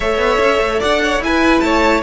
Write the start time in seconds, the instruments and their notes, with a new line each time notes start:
0.00 cello A3, viola A4, violin C#5 E5
0.17 cello B3
0.39 cello C#4
0.59 cello A3
0.79 cello D4, violin D5 F#5
1.03 violin C#5
1.19 cello E4, viola E4, violin G#5
1.26 violin B4
1.60 cello A3, violin C#5 A5